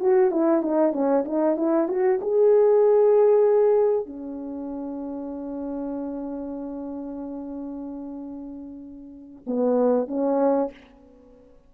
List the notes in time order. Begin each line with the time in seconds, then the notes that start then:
0.00 F#4
0.31 E4
0.62 D#4
0.92 C#4
1.25 D#4
1.57 E4
1.88 F#4
2.21 G#4
4.06 C#4
9.47 B3
10.08 C#4